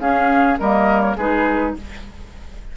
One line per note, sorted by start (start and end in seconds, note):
0.00 0.58 C#4
0.00 0.59 C#4
0.00 0.59 G#4
0.00 0.58 F5
0.60 1.16 G3
0.60 1.18 A#3
0.60 1.17 A#4
0.60 1.01 D#5
1.01 1.16 C#5
1.16 1.74 G#3
1.16 1.77 D#4
1.16 1.75 G#4
1.16 1.77 B4